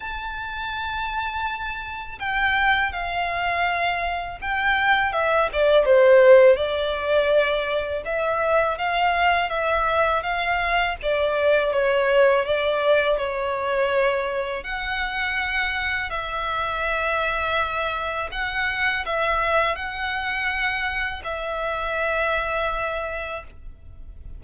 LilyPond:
\new Staff \with { instrumentName = "violin" } { \time 4/4 \tempo 4 = 82 a''2. g''4 | f''2 g''4 e''8 d''8 | c''4 d''2 e''4 | f''4 e''4 f''4 d''4 |
cis''4 d''4 cis''2 | fis''2 e''2~ | e''4 fis''4 e''4 fis''4~ | fis''4 e''2. | }